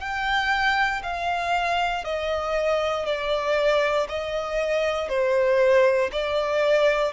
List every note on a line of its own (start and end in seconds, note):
0.00 1.02 G5
1.03 2.04 F5
2.04 3.06 D#5
3.06 4.07 D5
4.09 5.08 D#5
5.08 6.10 C5
6.12 7.12 D5